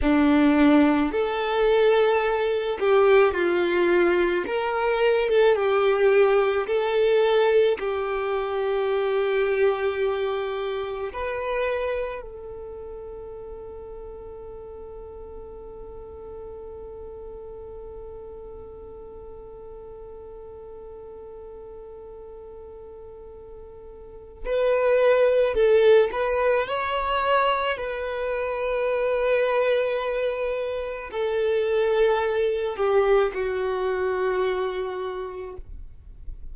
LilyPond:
\new Staff \with { instrumentName = "violin" } { \time 4/4 \tempo 4 = 54 d'4 a'4. g'8 f'4 | ais'8. a'16 g'4 a'4 g'4~ | g'2 b'4 a'4~ | a'1~ |
a'1~ | a'2 b'4 a'8 b'8 | cis''4 b'2. | a'4. g'8 fis'2 | }